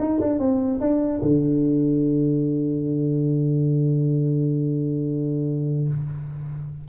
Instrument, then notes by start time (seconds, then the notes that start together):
tuba
0.00 D#4
0.21 D4
0.39 C4
0.81 D4
1.22 D3